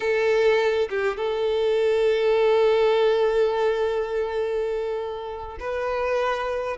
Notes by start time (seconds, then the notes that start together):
0.00 A4
0.89 G4
1.16 A4
5.59 B4